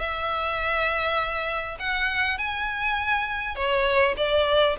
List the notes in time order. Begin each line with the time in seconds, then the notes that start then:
0.00 E5
1.80 F#5
2.38 G#5
3.56 C#5
4.17 D5